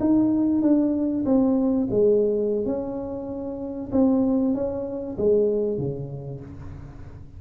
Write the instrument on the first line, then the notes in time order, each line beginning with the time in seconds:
tuba
0.00 D#4
0.62 D4
1.25 C4
1.90 G#3
2.66 C#4
3.92 C4
4.54 C#4
5.17 G#3
5.78 C#3